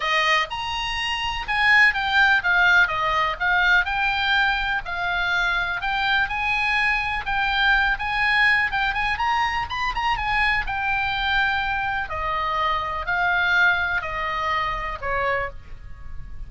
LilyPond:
\new Staff \with { instrumentName = "oboe" } { \time 4/4 \tempo 4 = 124 dis''4 ais''2 gis''4 | g''4 f''4 dis''4 f''4 | g''2 f''2 | g''4 gis''2 g''4~ |
g''8 gis''4. g''8 gis''8 ais''4 | b''8 ais''8 gis''4 g''2~ | g''4 dis''2 f''4~ | f''4 dis''2 cis''4 | }